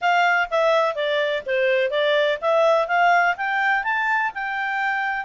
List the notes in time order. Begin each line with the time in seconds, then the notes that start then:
0.01 F5
0.50 E5
0.95 D5
1.46 C5
1.90 D5
2.41 E5
2.87 F5
3.36 G5
3.83 A5
4.34 G5